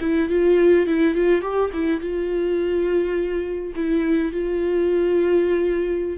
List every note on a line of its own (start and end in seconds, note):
0.00 0.29 E4
0.29 0.86 F4
0.86 1.14 E4
1.14 1.41 F4
1.41 1.70 G4
1.73 2.00 E4
2.00 3.73 F4
3.75 4.32 E4
4.32 6.18 F4